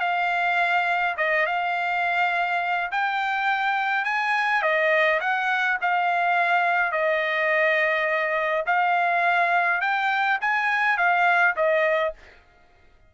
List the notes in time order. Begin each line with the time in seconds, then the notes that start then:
0.00 F5
1.17 D#5
1.46 F5
2.92 G5
4.05 G#5
4.62 D#5
5.20 F#5
5.81 F5
6.92 D#5
8.66 F5
9.81 G5
10.41 G#5
10.97 F5
11.56 D#5